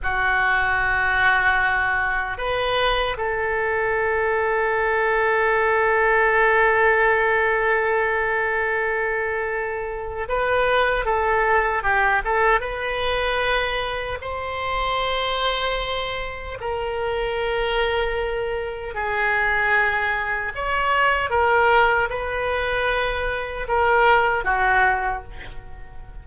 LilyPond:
\new Staff \with { instrumentName = "oboe" } { \time 4/4 \tempo 4 = 76 fis'2. b'4 | a'1~ | a'1~ | a'4 b'4 a'4 g'8 a'8 |
b'2 c''2~ | c''4 ais'2. | gis'2 cis''4 ais'4 | b'2 ais'4 fis'4 | }